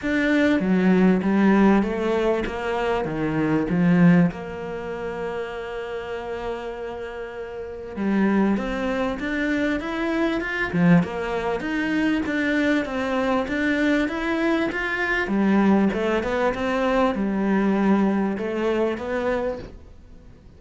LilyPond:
\new Staff \with { instrumentName = "cello" } { \time 4/4 \tempo 4 = 98 d'4 fis4 g4 a4 | ais4 dis4 f4 ais4~ | ais1~ | ais4 g4 c'4 d'4 |
e'4 f'8 f8 ais4 dis'4 | d'4 c'4 d'4 e'4 | f'4 g4 a8 b8 c'4 | g2 a4 b4 | }